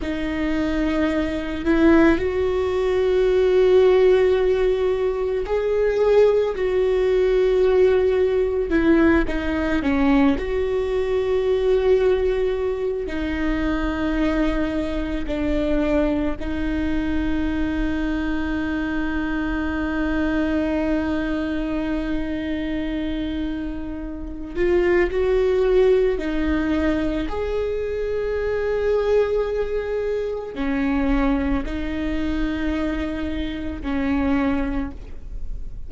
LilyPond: \new Staff \with { instrumentName = "viola" } { \time 4/4 \tempo 4 = 55 dis'4. e'8 fis'2~ | fis'4 gis'4 fis'2 | e'8 dis'8 cis'8 fis'2~ fis'8 | dis'2 d'4 dis'4~ |
dis'1~ | dis'2~ dis'8 f'8 fis'4 | dis'4 gis'2. | cis'4 dis'2 cis'4 | }